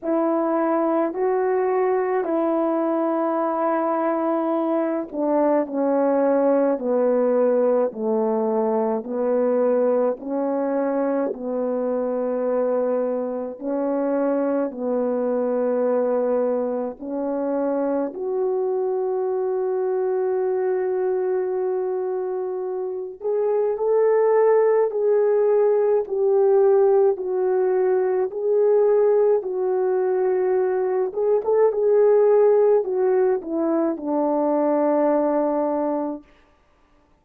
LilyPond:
\new Staff \with { instrumentName = "horn" } { \time 4/4 \tempo 4 = 53 e'4 fis'4 e'2~ | e'8 d'8 cis'4 b4 a4 | b4 cis'4 b2 | cis'4 b2 cis'4 |
fis'1~ | fis'8 gis'8 a'4 gis'4 g'4 | fis'4 gis'4 fis'4. gis'16 a'16 | gis'4 fis'8 e'8 d'2 | }